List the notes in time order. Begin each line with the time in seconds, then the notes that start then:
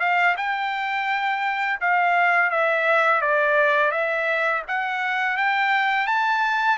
0.00 F5
0.37 G5
1.81 F5
2.51 E5
3.21 D5
3.92 E5
4.68 F#5
5.37 G5
6.07 A5